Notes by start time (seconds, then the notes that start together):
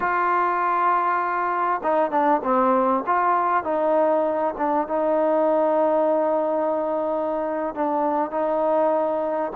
0.00 F4
1.83 D#4
2.10 D4
2.43 C4
3.06 F4
3.63 D#4
4.57 D4
4.87 D#4
7.74 D4
8.31 D#4